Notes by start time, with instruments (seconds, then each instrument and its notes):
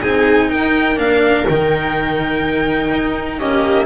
0.00 double bass C4, cello D#4, viola G#4, violin G#5
0.49 double bass D#4, viola A#4, violin G5
0.96 double bass A#3, cello D4, violin F5
1.47 double bass D#3, cello D#4, violin G5
2.91 double bass D#4
3.39 cello A#3, double bass C#4, viola G4, violin D#5